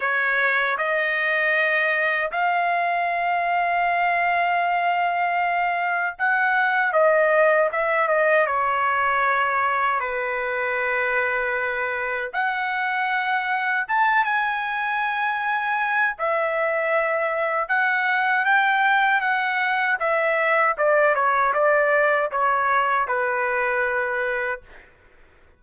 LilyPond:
\new Staff \with { instrumentName = "trumpet" } { \time 4/4 \tempo 4 = 78 cis''4 dis''2 f''4~ | f''1 | fis''4 dis''4 e''8 dis''8 cis''4~ | cis''4 b'2. |
fis''2 a''8 gis''4.~ | gis''4 e''2 fis''4 | g''4 fis''4 e''4 d''8 cis''8 | d''4 cis''4 b'2 | }